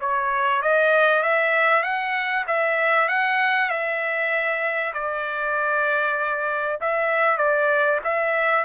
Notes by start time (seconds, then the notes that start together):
0.00 C#5
0.62 D#5
1.22 E5
1.82 F#5
2.47 E5
3.08 F#5
3.69 E5
4.93 D5
6.80 E5
7.37 D5
8.04 E5